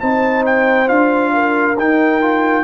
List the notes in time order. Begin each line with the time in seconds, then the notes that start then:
0.00 C4 D#4 C5 A5
0.46 G5
0.87 D4 F4 F5
1.33 A#4
1.77 D#4 G5
2.21 F4